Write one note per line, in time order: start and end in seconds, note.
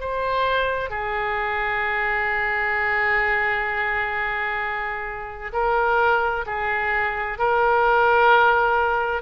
0.00 0.90 C5
0.90 5.52 G#4
5.53 6.45 A#4
6.47 7.39 G#4
7.39 9.22 A#4